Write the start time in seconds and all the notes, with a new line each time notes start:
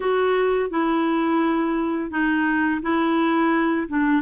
0.00 F#4
0.70 E4
2.10 D#4
2.81 E4
3.88 D4